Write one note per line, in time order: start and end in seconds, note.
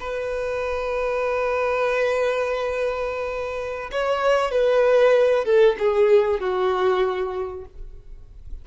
0.00 3.91 B4
3.92 4.51 C#5
4.51 5.45 B4
5.45 5.76 A4
5.79 6.40 G#4
6.40 7.65 F#4